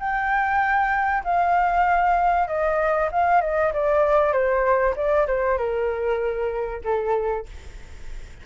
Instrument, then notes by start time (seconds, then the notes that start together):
flute
0.00 G5
1.25 F5
2.48 D#5
3.12 F5
3.42 D#5
3.73 D5
4.33 C5
4.96 D5
5.27 C5
5.58 A#4
6.84 A4